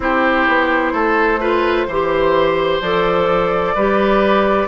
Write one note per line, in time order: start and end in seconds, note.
0.00 0.46 C4
0.00 1.40 E4
0.00 0.93 G4
0.00 2.82 C5
0.48 0.93 B3
0.93 1.87 A3
0.93 1.39 A4
1.39 1.87 F4
1.39 1.86 B4
1.87 2.80 E3
1.87 2.83 G4
1.87 3.74 C5
2.80 3.74 F3
2.80 3.77 A4
2.80 4.67 D5
3.74 4.67 G3
3.74 4.67 G4
3.74 4.67 B4